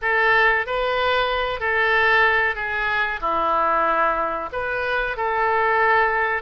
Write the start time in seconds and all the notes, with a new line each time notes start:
0.01 A4
0.66 B4
1.60 A4
2.55 G#4
3.20 E4
4.52 B4
5.16 A4